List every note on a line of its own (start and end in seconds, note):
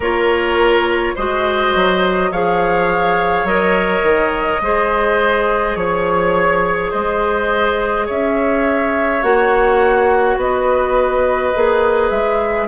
0.00 1.13 A#3
0.00 1.17 F4
0.00 1.14 A#4
0.00 1.16 C#5
1.15 1.75 G#3
1.15 2.32 F#4
1.15 2.30 C5
1.15 2.31 D#5
1.75 2.31 F#3
2.31 3.44 F3
2.31 3.46 G#4
2.31 4.62 C#5
2.31 3.46 F5
3.44 4.01 F#3
3.44 4.62 A#4
3.44 5.75 D#5
4.02 4.60 D#3
4.61 5.75 G#3
4.61 9.23 G#4
4.61 5.77 C5
5.75 6.91 F3
5.75 6.91 C#5
5.75 6.90 C#5
6.90 8.09 G#3
6.90 8.06 C5
6.90 8.06 D#5
8.06 9.22 C#4
8.06 10.37 C#5
8.06 9.22 E5
9.22 10.37 A#3
9.22 11.53 F#4
9.22 10.38 F#5
10.37 11.52 B3
10.37 12.67 B4
10.37 12.09 D#5
11.54 12.11 A#3
11.54 12.67 G#4
12.09 12.67 G#3
12.09 12.67 E5